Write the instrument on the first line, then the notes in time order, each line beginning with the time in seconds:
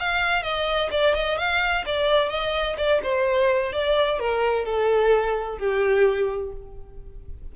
violin
0.00 F5
0.43 D#5
0.91 D5
1.15 D#5
1.38 F5
1.86 D5
2.30 D#5
2.78 D5
3.03 C5
3.73 D5
4.20 A#4
4.66 A4
5.59 G4